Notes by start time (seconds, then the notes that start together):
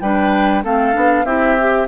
0.00 G3 D4 B4 G5
0.63 A3 C4 A4 F5
0.93 B3 D4
1.24 C4 E4 G4 E5
1.59 G4